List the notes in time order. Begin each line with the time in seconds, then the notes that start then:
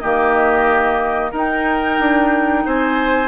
0.00 D#3 A#3 G4 D#5
1.32 D#4 A#4
1.38 G5
2.00 D4
2.66 C4 C5 G#5